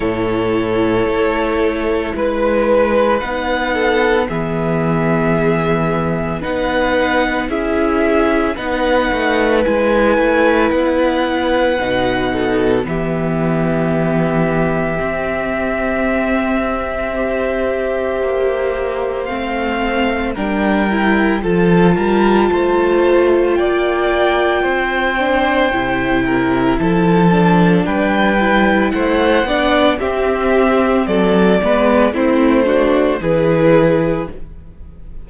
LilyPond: <<
  \new Staff \with { instrumentName = "violin" } { \time 4/4 \tempo 4 = 56 cis''2 b'4 fis''4 | e''2 fis''4 e''4 | fis''4 gis''4 fis''2 | e''1~ |
e''2 f''4 g''4 | a''2 g''2~ | g''4 a''4 g''4 fis''4 | e''4 d''4 c''4 b'4 | }
  \new Staff \with { instrumentName = "violin" } { \time 4/4 a'2 b'4. a'8 | gis'2 b'4 gis'4 | b'2.~ b'8 a'8 | g'1 |
c''2. ais'4 | a'8 ais'8 c''4 d''4 c''4~ | c''8 ais'8 a'4 b'4 c''8 d''8 | g'4 a'8 b'8 e'8 fis'8 gis'4 | }
  \new Staff \with { instrumentName = "viola" } { \time 4/4 e'2. dis'4 | b2 dis'4 e'4 | dis'4 e'2 dis'4 | b2 c'2 |
g'2 c'4 d'8 e'8 | f'2.~ f'8 d'8 | e'4. d'4 e'4 d'8 | c'4. b8 c'8 d'8 e'4 | }
  \new Staff \with { instrumentName = "cello" } { \time 4/4 a,4 a4 gis4 b4 | e2 b4 cis'4 | b8 a8 gis8 a8 b4 b,4 | e2 c'2~ |
c'4 ais4 a4 g4 | f8 g8 a4 ais4 c'4 | c4 f4 g4 a8 b8 | c'4 fis8 gis8 a4 e4 | }
>>